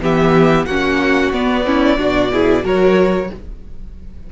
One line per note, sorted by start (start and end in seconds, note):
0.00 0.66 E3
0.00 0.67 B3
0.00 0.67 G4
0.00 0.65 E5
0.65 1.31 A#3
0.65 1.33 C#4
0.65 1.66 F#4
0.65 1.31 F#5
1.31 1.97 B3
1.31 1.64 B3
1.31 2.65 D5
1.64 1.97 C#4
1.64 1.99 E4
1.97 2.64 B2
1.97 2.30 D4
1.97 2.32 F#4
2.32 2.63 E4
2.32 2.64 G#4
2.63 3.30 F#3
2.63 3.29 F#4
2.63 3.30 A#4
2.63 3.32 C#5